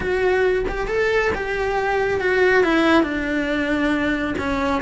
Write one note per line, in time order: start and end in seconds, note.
0.00 0.65 F#4
0.68 0.87 G4
0.87 1.31 A4
1.35 2.20 G4
2.20 2.63 F#4
2.63 3.03 E4
3.03 4.34 D4
4.38 4.81 C#4